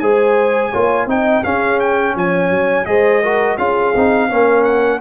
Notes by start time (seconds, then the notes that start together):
0.00 G#3 G#4 C5 G#5
0.71 A#3 F4 C#5
1.07 C4 D#4 D#5 G5
1.44 C#4 G#4 F5
1.80 G5
2.14 F3 C#5 G#5
2.51 F#3
2.86 G#3 G#4 C5 D#5
3.23 F#4 A#4
3.56 C#4 F4 G#4 F5
3.96 C4 D#4
4.30 A#3 C#4 A#4
4.64 F#5